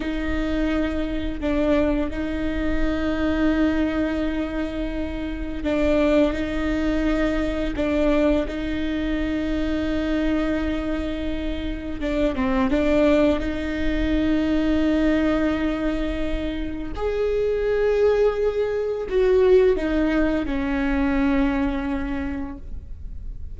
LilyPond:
\new Staff \with { instrumentName = "viola" } { \time 4/4 \tempo 4 = 85 dis'2 d'4 dis'4~ | dis'1 | d'4 dis'2 d'4 | dis'1~ |
dis'4 d'8 c'8 d'4 dis'4~ | dis'1 | gis'2. fis'4 | dis'4 cis'2. | }